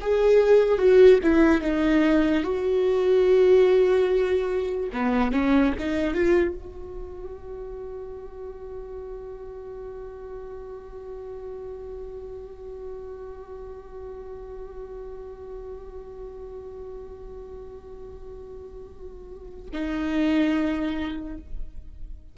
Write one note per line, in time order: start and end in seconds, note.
0.00 0.78 G#4
0.78 1.19 F#4
1.23 1.61 E4
1.61 2.43 D#4
2.43 4.89 F#4
4.92 5.32 B3
5.32 5.73 C#4
5.78 6.14 D#4
6.14 6.54 F4
6.54 19.69 F#4
19.73 21.37 D#4